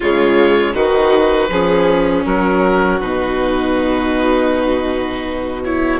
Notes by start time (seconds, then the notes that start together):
0.00 C#3 G#3 F4 C#5
0.74 D#3 D#4 F#4 B4
1.49 F3 C#4 G#4
2.25 F#3 F#4 A#4
2.99 B2 D#4 B4
5.63 E4 C#5